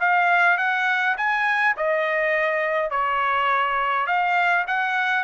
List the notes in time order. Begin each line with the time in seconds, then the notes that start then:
0.00 F5
0.58 F#5
1.17 G#5
1.77 D#5
2.90 C#5
4.07 F5
4.67 F#5